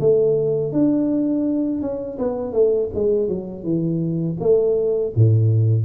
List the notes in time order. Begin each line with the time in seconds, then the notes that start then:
0.00 A3
0.73 D4
1.82 C#4
2.19 B3
2.53 A3
2.94 G#3
3.29 F#3
3.64 E3
4.40 A3
5.16 A2